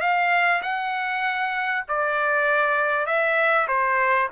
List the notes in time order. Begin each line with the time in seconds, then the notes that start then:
0.00 F5
0.62 F#5
1.88 D5
3.06 E5
3.67 C5